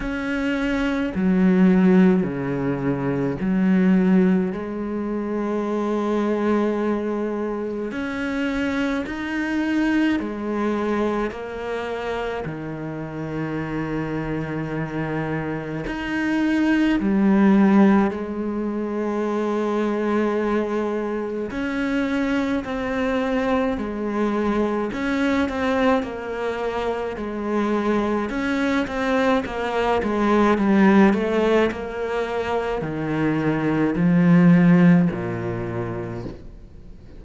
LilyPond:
\new Staff \with { instrumentName = "cello" } { \time 4/4 \tempo 4 = 53 cis'4 fis4 cis4 fis4 | gis2. cis'4 | dis'4 gis4 ais4 dis4~ | dis2 dis'4 g4 |
gis2. cis'4 | c'4 gis4 cis'8 c'8 ais4 | gis4 cis'8 c'8 ais8 gis8 g8 a8 | ais4 dis4 f4 ais,4 | }